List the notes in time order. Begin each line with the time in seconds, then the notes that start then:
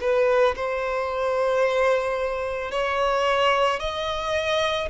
0.00 B4
0.56 C5
2.71 C#5
3.79 D#5